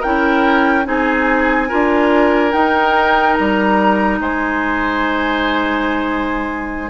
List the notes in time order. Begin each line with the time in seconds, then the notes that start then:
0.00 C#4 E4 A#4 G5
0.84 C4 D#4 G#4 G#5
1.68 D4 F4 A#4
2.51 D#4 G5
3.34 G3 A#5
4.20 G#3 C5 G#5